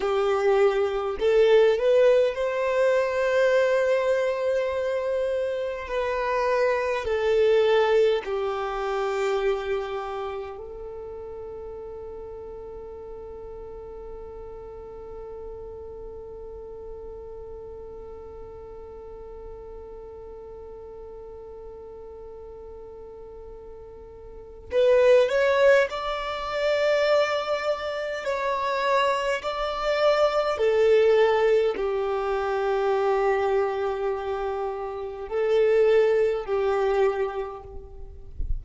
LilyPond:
\new Staff \with { instrumentName = "violin" } { \time 4/4 \tempo 4 = 51 g'4 a'8 b'8 c''2~ | c''4 b'4 a'4 g'4~ | g'4 a'2.~ | a'1~ |
a'1~ | a'4 b'8 cis''8 d''2 | cis''4 d''4 a'4 g'4~ | g'2 a'4 g'4 | }